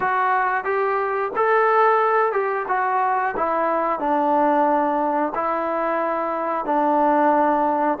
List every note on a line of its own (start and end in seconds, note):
0.00 0.64 F#4
0.64 1.31 G4
1.35 2.32 A4
2.32 2.65 G4
2.68 3.34 F#4
3.36 3.99 E4
3.99 5.32 D4
5.35 6.65 E4
6.65 7.98 D4